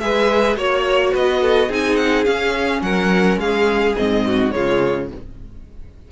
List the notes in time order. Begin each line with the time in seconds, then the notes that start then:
0.00 G#3 G#4 B4 E5
0.56 A#3 F#4 C#5
1.12 B3 B4 D#5
1.42 A4
1.68 C4 D#4 G#4 G#5
1.96 F#5
2.25 C#4 F5
2.82 F#3 A#4 F#5
3.37 G#3 G#4 F5
3.96 G#2 C4 D#5
4.26 F#4
4.51 C#3 G#3 F4 C#5